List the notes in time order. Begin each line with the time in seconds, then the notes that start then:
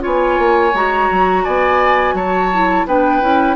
0.00 B3 F4 C#5 G#5
0.38 A#3
0.73 G#3 F#4 A#5
1.10 F#3
1.43 B3 D5 G#5
2.14 F#3 C#5 A5
2.52 E4
2.86 B3 D4 B4 G5
3.21 C#4 E4